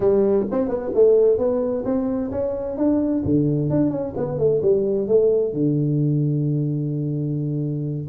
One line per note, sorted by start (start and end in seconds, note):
0.00 0.46 G3
0.51 0.68 C4
0.68 0.91 B3
0.94 1.38 A3
1.38 1.84 B3
1.84 2.30 C4
2.31 2.77 C#4
2.77 3.23 D4
3.24 3.69 D3
3.69 3.90 D4
3.90 4.13 C#4
4.16 4.38 B3
4.38 4.61 A3
4.62 5.07 G3
5.07 5.53 A3
5.53 8.07 D3